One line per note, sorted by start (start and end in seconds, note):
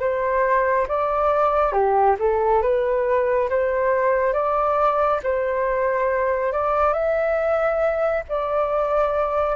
0.00 0.87 C5
0.88 1.73 D5
1.73 2.16 G4
2.19 2.62 A4
2.62 3.49 B4
3.50 4.34 C5
4.34 5.21 D5
5.23 6.53 C5
6.53 6.93 D5
6.93 8.24 E5
8.29 9.56 D5